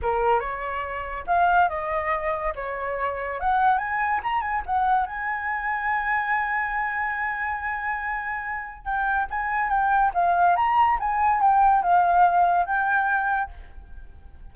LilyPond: \new Staff \with { instrumentName = "flute" } { \time 4/4 \tempo 4 = 142 ais'4 cis''2 f''4 | dis''2 cis''2 | fis''4 gis''4 ais''8 gis''8 fis''4 | gis''1~ |
gis''1~ | gis''4 g''4 gis''4 g''4 | f''4 ais''4 gis''4 g''4 | f''2 g''2 | }